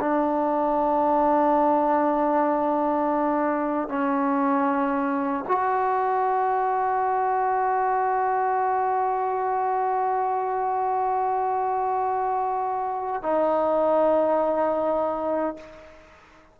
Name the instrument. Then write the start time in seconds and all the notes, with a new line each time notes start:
trombone
0.00 D4
3.89 C#4
5.48 F#4
13.23 D#4